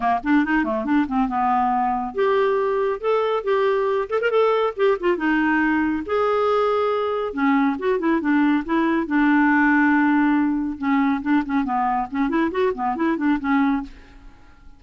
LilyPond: \new Staff \with { instrumentName = "clarinet" } { \time 4/4 \tempo 4 = 139 ais8 d'8 dis'8 a8 d'8 c'8 b4~ | b4 g'2 a'4 | g'4. a'16 ais'16 a'4 g'8 f'8 | dis'2 gis'2~ |
gis'4 cis'4 fis'8 e'8 d'4 | e'4 d'2.~ | d'4 cis'4 d'8 cis'8 b4 | cis'8 e'8 fis'8 b8 e'8 d'8 cis'4 | }